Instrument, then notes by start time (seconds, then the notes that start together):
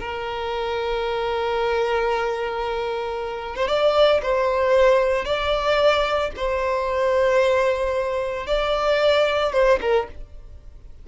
violin
0.00 A#4
3.56 C5
3.68 D5
4.22 C5
5.25 D5
6.36 C5
8.47 D5
9.53 C5
9.81 A#4